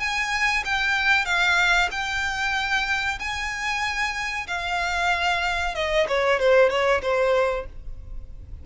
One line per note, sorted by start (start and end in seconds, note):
0.00 0.64 G#5
0.65 1.25 G5
1.25 1.89 F5
1.91 3.19 G5
3.19 4.47 G#5
4.48 5.75 F5
5.75 6.07 D#5
6.08 6.40 C#5
6.40 6.70 C5
6.70 7.02 C#5
7.02 7.66 C5